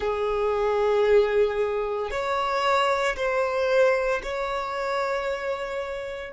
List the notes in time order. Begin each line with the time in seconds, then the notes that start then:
0.00 G#4
2.11 C#5
3.16 C5
4.22 C#5